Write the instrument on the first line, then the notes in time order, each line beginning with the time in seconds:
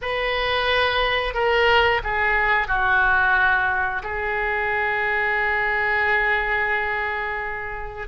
oboe
0.01 B4
1.33 A#4
2.03 G#4
2.67 F#4
4.03 G#4